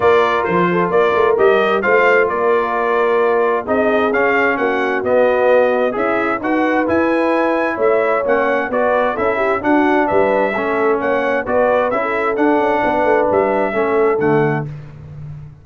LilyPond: <<
  \new Staff \with { instrumentName = "trumpet" } { \time 4/4 \tempo 4 = 131 d''4 c''4 d''4 dis''4 | f''4 d''2. | dis''4 f''4 fis''4 dis''4~ | dis''4 e''4 fis''4 gis''4~ |
gis''4 e''4 fis''4 d''4 | e''4 fis''4 e''2 | fis''4 d''4 e''4 fis''4~ | fis''4 e''2 fis''4 | }
  \new Staff \with { instrumentName = "horn" } { \time 4/4 ais'4. a'8 ais'2 | c''4 ais'2. | gis'2 fis'2~ | fis'4 e'4 b'2~ |
b'4 cis''2 b'4 | a'8 g'8 fis'4 b'4 a'4 | cis''4 b'4~ b'16 a'4.~ a'16 | b'2 a'2 | }
  \new Staff \with { instrumentName = "trombone" } { \time 4/4 f'2. g'4 | f'1 | dis'4 cis'2 b4~ | b4 gis'4 fis'4 e'4~ |
e'2 cis'4 fis'4 | e'4 d'2 cis'4~ | cis'4 fis'4 e'4 d'4~ | d'2 cis'4 a4 | }
  \new Staff \with { instrumentName = "tuba" } { \time 4/4 ais4 f4 ais8 a8 g4 | a4 ais2. | c'4 cis'4 ais4 b4~ | b4 cis'4 dis'4 e'4~ |
e'4 a4 ais4 b4 | cis'4 d'4 g4 a4 | ais4 b4 cis'4 d'8 cis'8 | b8 a8 g4 a4 d4 | }
>>